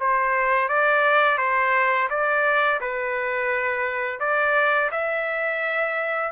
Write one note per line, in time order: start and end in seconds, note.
0.00 0.69 C5
0.69 1.38 D5
1.38 2.09 C5
2.10 2.81 D5
2.81 4.20 B4
4.20 4.91 D5
4.92 6.32 E5